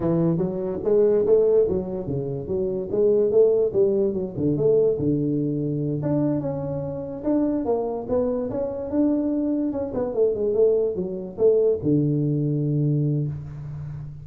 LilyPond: \new Staff \with { instrumentName = "tuba" } { \time 4/4 \tempo 4 = 145 e4 fis4 gis4 a4 | fis4 cis4 fis4 gis4 | a4 g4 fis8 d8 a4 | d2~ d8 d'4 cis'8~ |
cis'4. d'4 ais4 b8~ | b8 cis'4 d'2 cis'8 | b8 a8 gis8 a4 fis4 a8~ | a8 d2.~ d8 | }